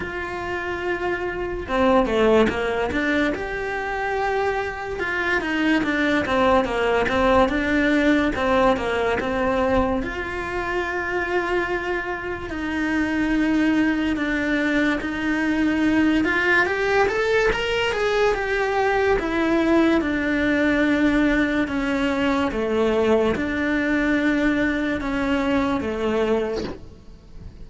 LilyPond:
\new Staff \with { instrumentName = "cello" } { \time 4/4 \tempo 4 = 72 f'2 c'8 a8 ais8 d'8 | g'2 f'8 dis'8 d'8 c'8 | ais8 c'8 d'4 c'8 ais8 c'4 | f'2. dis'4~ |
dis'4 d'4 dis'4. f'8 | g'8 a'8 ais'8 gis'8 g'4 e'4 | d'2 cis'4 a4 | d'2 cis'4 a4 | }